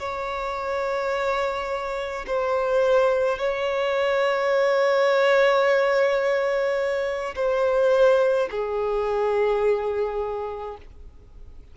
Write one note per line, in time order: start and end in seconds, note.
0.00 2.26 C#5
2.27 3.39 C5
3.39 7.35 C#5
7.36 8.49 C5
8.52 10.78 G#4